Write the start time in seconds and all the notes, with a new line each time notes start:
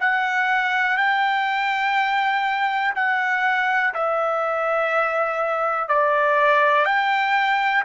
0.00 F#5
0.97 G5
2.96 F#5
3.94 E5
5.89 D5
6.85 G5